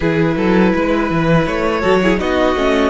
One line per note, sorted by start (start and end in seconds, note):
0.00 0.36 E3
0.00 1.81 E4
0.00 0.35 G#4
0.00 1.45 B4
0.36 0.73 F#3
0.36 0.73 A4
0.74 1.10 G#3
0.74 1.80 B4
1.10 1.46 E3
1.46 1.83 A3
1.46 2.19 C#5
1.80 2.19 F#3
1.80 1.99 F#4
1.80 1.99 A4
2.03 2.18 E4
2.03 2.20 G#4
2.18 2.55 B3
2.18 2.55 D#4
2.18 2.90 F#4
2.18 2.90 D#5
2.55 2.90 A3
2.55 2.90 C#4